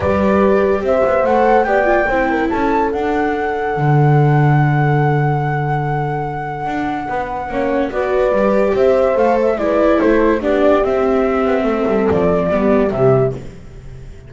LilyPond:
<<
  \new Staff \with { instrumentName = "flute" } { \time 4/4 \tempo 4 = 144 d''2 e''4 fis''4 | g''2 a''4 fis''4~ | fis''1~ | fis''1~ |
fis''2. d''4~ | d''4 e''4 f''8 e''8 d''4 | c''4 d''4 e''2~ | e''4 d''2 e''4 | }
  \new Staff \with { instrumentName = "horn" } { \time 4/4 b'2 c''2 | d''4 c''8 ais'8 a'2~ | a'1~ | a'1~ |
a'4 b'4 cis''4 b'4~ | b'4 c''2 b'4 | a'4 g'2. | a'2 g'2 | }
  \new Staff \with { instrumentName = "viola" } { \time 4/4 g'2. a'4 | g'8 f'8 e'2 d'4~ | d'1~ | d'1~ |
d'2 cis'4 fis'4 | g'2 a'4 e'4~ | e'4 d'4 c'2~ | c'2 b4 g4 | }
  \new Staff \with { instrumentName = "double bass" } { \time 4/4 g2 c'8 b8 a4 | b4 c'4 cis'4 d'4~ | d'4 d2.~ | d1 |
d'4 b4 ais4 b4 | g4 c'4 a4 gis4 | a4 b4 c'4. b8 | a8 g8 f4 g4 c4 | }
>>